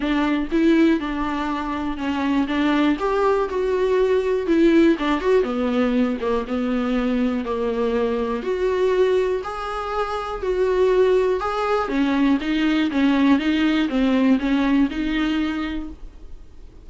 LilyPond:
\new Staff \with { instrumentName = "viola" } { \time 4/4 \tempo 4 = 121 d'4 e'4 d'2 | cis'4 d'4 g'4 fis'4~ | fis'4 e'4 d'8 fis'8 b4~ | b8 ais8 b2 ais4~ |
ais4 fis'2 gis'4~ | gis'4 fis'2 gis'4 | cis'4 dis'4 cis'4 dis'4 | c'4 cis'4 dis'2 | }